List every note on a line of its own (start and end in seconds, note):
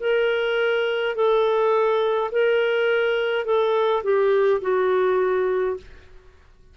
0.00 1.15 A#4
1.15 2.31 A4
2.31 3.45 A#4
3.45 4.03 A4
4.03 4.61 G4
4.62 5.77 F#4